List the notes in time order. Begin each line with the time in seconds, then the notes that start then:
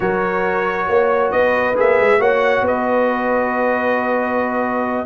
0.00 F#3 F#4 A#4 C#5
0.88 A#3 C#5
1.31 B3 B4 D#5
1.75 A#3 G#4 E5
2.00 G#3
2.19 A#3 F#4 C#5 F#5
2.61 B3 B4
2.67 D#5